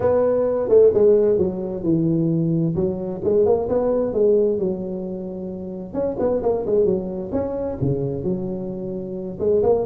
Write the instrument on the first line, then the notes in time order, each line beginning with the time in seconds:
tuba
0.00 B3
0.68 A3
0.93 G#3
1.37 F#3
1.83 E3
2.75 F#3
3.24 G#3
3.45 A#3
3.68 B3
4.13 G#3
4.58 F#3
5.93 C#4
6.19 B3
6.42 A#3
6.66 G#3
6.85 F#3
7.32 C#4
7.81 C#3
8.23 F#3
9.39 G#3
9.62 A#3